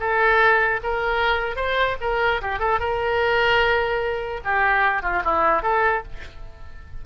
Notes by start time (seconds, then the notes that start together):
0.00 A4
0.83 A#4
1.56 C5
2.01 A#4
2.42 G4
2.59 A4
2.79 A#4
4.44 G4
5.02 F4
5.24 E4
5.62 A4